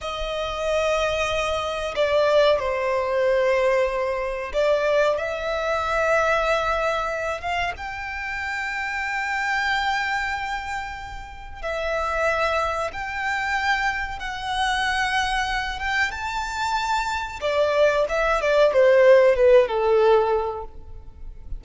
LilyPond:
\new Staff \with { instrumentName = "violin" } { \time 4/4 \tempo 4 = 93 dis''2. d''4 | c''2. d''4 | e''2.~ e''8 f''8 | g''1~ |
g''2 e''2 | g''2 fis''2~ | fis''8 g''8 a''2 d''4 | e''8 d''8 c''4 b'8 a'4. | }